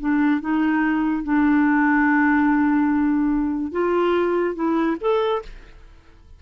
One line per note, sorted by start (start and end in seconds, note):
0.00 0.41 D4
0.41 1.24 D#4
1.24 3.72 D4
3.72 4.55 F4
4.55 4.97 E4
5.01 5.42 A4